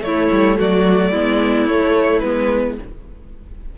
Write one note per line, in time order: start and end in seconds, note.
0.00 0.27 A3
0.00 0.58 E4
0.00 0.58 C#5
0.06 1.14 A3
0.31 0.58 G3
0.58 1.12 F#3
0.58 1.11 F#4
0.58 1.68 D5
1.11 1.66 G#3
1.11 1.68 B3
1.11 2.74 E4
1.66 2.20 A3
1.66 2.24 A3
1.66 2.20 C#5
2.20 2.78 G#3
2.20 2.78 B3
2.20 2.74 B4